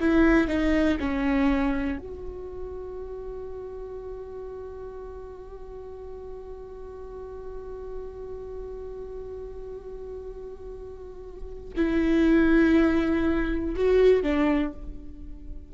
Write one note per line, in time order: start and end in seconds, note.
0.00 0.48 E4
0.48 0.98 D#4
1.00 1.99 C#4
1.99 11.74 F#4
11.76 13.75 E4
13.75 14.23 F#4
14.23 14.73 D4